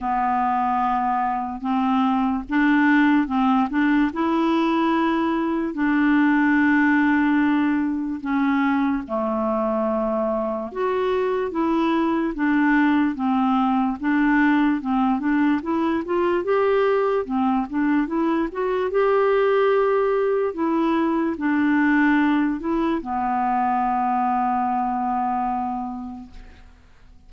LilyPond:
\new Staff \with { instrumentName = "clarinet" } { \time 4/4 \tempo 4 = 73 b2 c'4 d'4 | c'8 d'8 e'2 d'4~ | d'2 cis'4 a4~ | a4 fis'4 e'4 d'4 |
c'4 d'4 c'8 d'8 e'8 f'8 | g'4 c'8 d'8 e'8 fis'8 g'4~ | g'4 e'4 d'4. e'8 | b1 | }